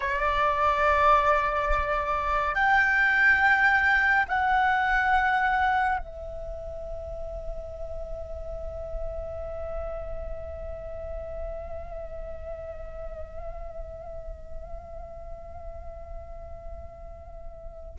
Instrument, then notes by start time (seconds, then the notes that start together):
flute
0.00 D5
2.54 G5
4.28 F#5
5.98 E5